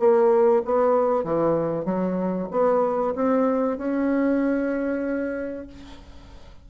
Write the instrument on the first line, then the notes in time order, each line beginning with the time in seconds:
bassoon
0.00 A#3
0.65 B3
1.25 E3
1.86 F#3
2.51 B3
3.16 C4
3.78 C#4